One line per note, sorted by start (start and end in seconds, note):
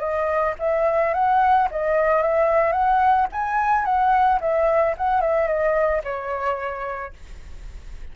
0.00 0.55 D#5
0.59 1.14 E5
1.14 1.69 F#5
1.71 2.22 D#5
2.22 2.73 E5
2.73 3.27 F#5
3.33 3.85 G#5
3.85 4.40 F#5
4.41 4.95 E5
4.98 5.21 F#5
5.21 5.47 E5
5.47 6.02 D#5
6.04 7.13 C#5